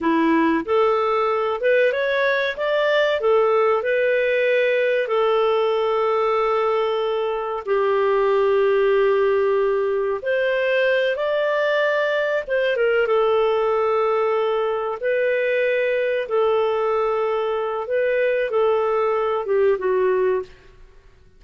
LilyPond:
\new Staff \with { instrumentName = "clarinet" } { \time 4/4 \tempo 4 = 94 e'4 a'4. b'8 cis''4 | d''4 a'4 b'2 | a'1 | g'1 |
c''4. d''2 c''8 | ais'8 a'2. b'8~ | b'4. a'2~ a'8 | b'4 a'4. g'8 fis'4 | }